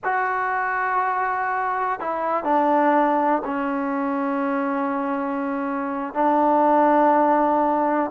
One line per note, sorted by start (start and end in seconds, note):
0.04 2.00 F#4
2.00 2.44 E4
2.44 3.42 D4
3.44 6.14 C#4
6.14 8.10 D4